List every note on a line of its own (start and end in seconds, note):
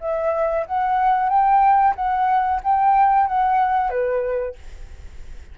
0.00 0.65 E5
0.66 1.29 F#5
1.29 1.94 G5
1.95 2.60 F#5
2.63 3.27 G5
3.27 3.90 F#5
3.90 4.55 B4